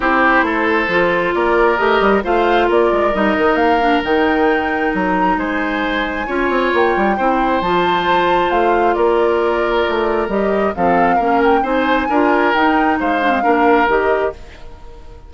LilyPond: <<
  \new Staff \with { instrumentName = "flute" } { \time 4/4 \tempo 4 = 134 c''2. d''4 | dis''4 f''4 d''4 dis''4 | f''4 g''2 ais''4 | gis''2. g''4~ |
g''4 a''2 f''4 | d''2. dis''4 | f''4. g''8 gis''2 | g''4 f''2 dis''4 | }
  \new Staff \with { instrumentName = "oboe" } { \time 4/4 g'4 a'2 ais'4~ | ais'4 c''4 ais'2~ | ais'1 | c''2 cis''2 |
c''1 | ais'1 | a'4 ais'4 c''4 ais'4~ | ais'4 c''4 ais'2 | }
  \new Staff \with { instrumentName = "clarinet" } { \time 4/4 e'2 f'2 | g'4 f'2 dis'4~ | dis'8 d'8 dis'2.~ | dis'2 f'2 |
e'4 f'2.~ | f'2. g'4 | c'4 cis'4 dis'4 f'4 | dis'4. d'16 c'16 d'4 g'4 | }
  \new Staff \with { instrumentName = "bassoon" } { \time 4/4 c'4 a4 f4 ais4 | a8 g8 a4 ais8 gis8 g8 dis8 | ais4 dis2 fis4 | gis2 cis'8 c'8 ais8 g8 |
c'4 f2 a4 | ais2 a4 g4 | f4 ais4 c'4 d'4 | dis'4 gis4 ais4 dis4 | }
>>